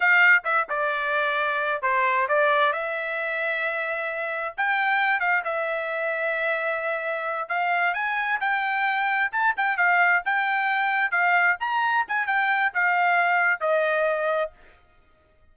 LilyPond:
\new Staff \with { instrumentName = "trumpet" } { \time 4/4 \tempo 4 = 132 f''4 e''8 d''2~ d''8 | c''4 d''4 e''2~ | e''2 g''4. f''8 | e''1~ |
e''8 f''4 gis''4 g''4.~ | g''8 a''8 g''8 f''4 g''4.~ | g''8 f''4 ais''4 gis''8 g''4 | f''2 dis''2 | }